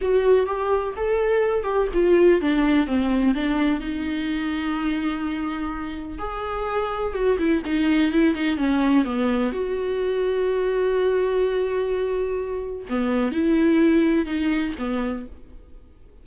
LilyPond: \new Staff \with { instrumentName = "viola" } { \time 4/4 \tempo 4 = 126 fis'4 g'4 a'4. g'8 | f'4 d'4 c'4 d'4 | dis'1~ | dis'4 gis'2 fis'8 e'8 |
dis'4 e'8 dis'8 cis'4 b4 | fis'1~ | fis'2. b4 | e'2 dis'4 b4 | }